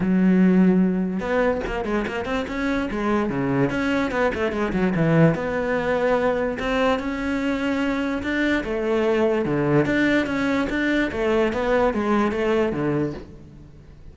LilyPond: \new Staff \with { instrumentName = "cello" } { \time 4/4 \tempo 4 = 146 fis2. b4 | ais8 gis8 ais8 c'8 cis'4 gis4 | cis4 cis'4 b8 a8 gis8 fis8 | e4 b2. |
c'4 cis'2. | d'4 a2 d4 | d'4 cis'4 d'4 a4 | b4 gis4 a4 d4 | }